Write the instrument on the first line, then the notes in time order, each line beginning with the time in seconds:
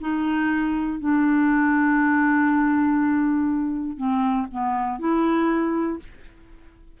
clarinet
0.00 D#4
0.99 D4
3.97 C4
4.50 B3
4.99 E4